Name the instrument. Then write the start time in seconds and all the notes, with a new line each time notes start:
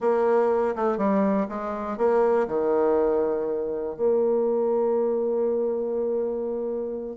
bassoon
0.00 A#3
0.75 A3
0.97 G3
1.49 G#3
1.97 A#3
2.47 D#3
3.96 A#3